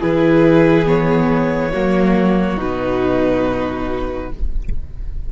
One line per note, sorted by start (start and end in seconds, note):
0.00 1.74 E3
0.00 0.86 E4
0.00 1.71 G#4
0.00 0.88 B4
0.86 1.72 B3
0.86 2.59 C#5
1.72 2.58 F#3
1.72 2.58 A#3
1.72 4.30 F#4
2.58 4.30 B2
2.58 4.29 D#4
2.58 4.32 B4